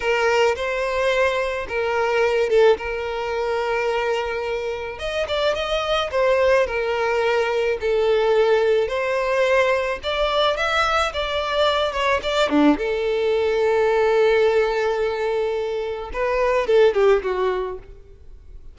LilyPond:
\new Staff \with { instrumentName = "violin" } { \time 4/4 \tempo 4 = 108 ais'4 c''2 ais'4~ | ais'8 a'8 ais'2.~ | ais'4 dis''8 d''8 dis''4 c''4 | ais'2 a'2 |
c''2 d''4 e''4 | d''4. cis''8 d''8 d'8 a'4~ | a'1~ | a'4 b'4 a'8 g'8 fis'4 | }